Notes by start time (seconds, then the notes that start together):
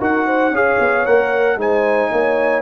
0.00 D#4 F#4 A#4 F#5
0.26 C5
0.50 C#4 G#4 C#5 F5
0.79 B3
1.05 A#3 A#4 F#5
1.56 G#3 D#4 C5 G#5
2.11 A#3 C#5